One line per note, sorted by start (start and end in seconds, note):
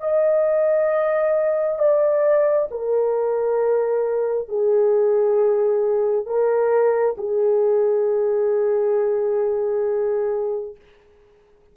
0.00 1.79 D#5
1.79 2.68 D5
2.71 4.48 A#4
4.48 6.26 G#4
6.26 7.16 A#4
7.17 10.75 G#4